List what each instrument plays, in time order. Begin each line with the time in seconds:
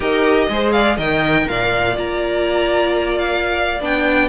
0.00 cello D#4, viola G4, violin A#4 D#5
0.49 cello G#3, viola G#4, violin C5
0.72 violin D5 F5
0.96 cello D#3, viola A#4, violin D#5 G5
1.48 cello A#2, violin D5 F5
1.94 cello A#3, viola F4, violin A#5
3.18 violin F5
3.80 cello B3, viola D4, violin G5